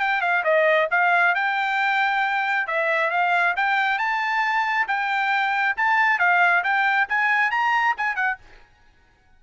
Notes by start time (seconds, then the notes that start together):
0.00 G5
0.21 F5
0.44 D#5
0.91 F5
1.35 G5
2.67 E5
3.10 F5
3.56 G5
3.98 A5
4.87 G5
5.77 A5
6.19 F5
6.63 G5
7.08 G#5
7.51 A#5
7.97 G#5
8.15 F#5